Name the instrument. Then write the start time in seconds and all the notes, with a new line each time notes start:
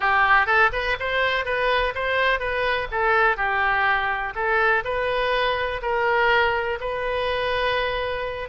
oboe
0.00 G4
0.46 A4
0.72 B4
0.99 C5
1.45 B4
1.95 C5
2.39 B4
2.91 A4
3.36 G4
4.35 A4
4.84 B4
5.82 A#4
6.80 B4